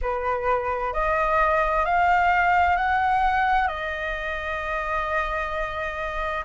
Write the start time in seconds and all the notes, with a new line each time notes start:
0.01 B4
0.93 D#5
1.85 F5
2.76 F#5
3.67 D#5